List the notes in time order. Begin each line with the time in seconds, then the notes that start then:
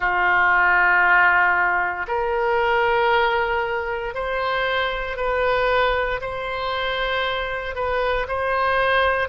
0.00 F4
2.07 A#4
4.14 C5
5.16 B4
6.21 C5
7.75 B4
8.28 C5